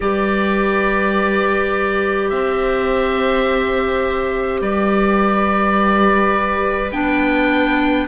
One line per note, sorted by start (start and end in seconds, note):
0.00 2.31 G3
0.00 6.90 G4
0.00 2.32 B4
0.00 2.29 D5
2.29 4.61 C4
2.29 4.61 C5
2.29 4.60 E5
4.61 6.91 G3
4.61 8.07 B4
4.61 6.91 D5
6.91 8.07 B3
6.91 8.07 D4
6.91 8.07 G5